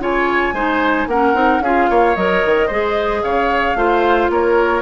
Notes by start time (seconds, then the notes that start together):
0.00 C#3 F4 C#5 G#5
0.52 G#3 D#4 C5
1.07 A#3 C#4 A#4 F#5
1.33 C4 D#4
1.60 C#4 F4 G#4 F5
1.90 A#3 C#5
2.16 F#3 A#4 D#5
2.45 D#3
2.67 G#3 G#4 C5
3.23 C#3 C#5 F5
3.75 A3 F4 C5
4.29 A#3 A#4 C#5